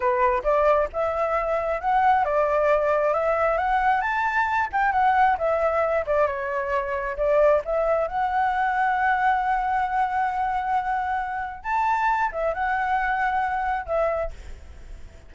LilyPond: \new Staff \with { instrumentName = "flute" } { \time 4/4 \tempo 4 = 134 b'4 d''4 e''2 | fis''4 d''2 e''4 | fis''4 a''4. g''8 fis''4 | e''4. d''8 cis''2 |
d''4 e''4 fis''2~ | fis''1~ | fis''2 a''4. e''8 | fis''2. e''4 | }